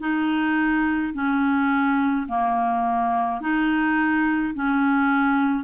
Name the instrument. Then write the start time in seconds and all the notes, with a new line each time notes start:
clarinet
0.00 D#4
1.13 C#4
2.28 A#3
3.41 D#4
4.54 C#4